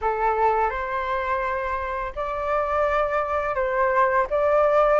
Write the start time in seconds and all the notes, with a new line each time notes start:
0.01 A4
0.69 C5
2.15 D5
3.55 C5
4.30 D5